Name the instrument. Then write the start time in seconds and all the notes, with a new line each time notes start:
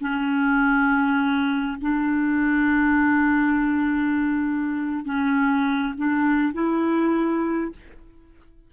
clarinet
0.00 C#4
1.81 D4
5.05 C#4
5.97 D4
6.53 E4